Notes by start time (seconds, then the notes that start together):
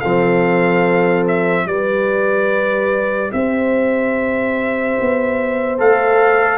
0.00 F3 C4 A4 F5
1.28 E5
1.65 G3 G4 B4 D5
3.32 C4 C5 E5
5.00 B3
5.78 A3 A4 F5